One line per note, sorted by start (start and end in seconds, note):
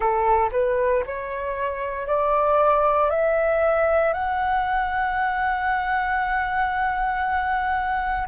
0.00 0.50 A4
0.52 1.03 B4
1.06 2.06 C#5
2.06 3.10 D5
3.10 4.13 E5
4.13 8.27 F#5